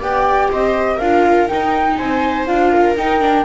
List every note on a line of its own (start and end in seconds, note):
0.00 0.50 B3
0.00 1.00 G4
0.00 0.49 D5
0.00 0.51 G5
0.50 0.99 C4
0.50 0.96 C5
0.50 0.99 D#5
0.96 1.49 D4
0.96 1.94 A#4
0.96 1.48 F5
1.02 1.49 F4
1.48 2.47 D#4
1.48 1.99 D#4
1.48 1.97 G5
1.97 2.48 C4
1.97 2.72 C5
1.97 2.46 G#5
2.46 2.96 D4
2.46 2.96 F4
2.46 2.95 F5
2.72 3.46 A#4
2.96 3.46 D#4
2.96 3.21 D#4
2.96 3.46 G5
3.21 3.45 D4